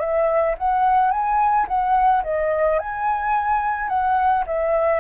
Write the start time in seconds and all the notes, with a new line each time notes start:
0.00 E5
0.58 F#5
1.11 G#5
1.68 F#5
2.24 D#5
2.79 G#5
3.89 F#5
4.47 E5